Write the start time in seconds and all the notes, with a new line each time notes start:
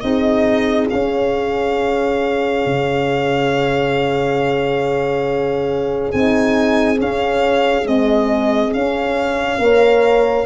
0.00 C4 D#4 G#4 D#5
0.89 C#4 F5
2.66 C#3
6.11 C4 D#4 G#5
6.96 C#4 F5
7.84 G#3 C4 D#5
8.73 C#4 F5
9.58 A#3 A#4 C#5